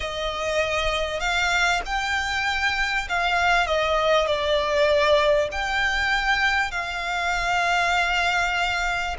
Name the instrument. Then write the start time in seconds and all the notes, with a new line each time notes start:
violin
0.00 D#5
1.19 F5
1.85 G5
3.08 F5
3.66 D#5
4.26 D5
5.51 G5
6.71 F5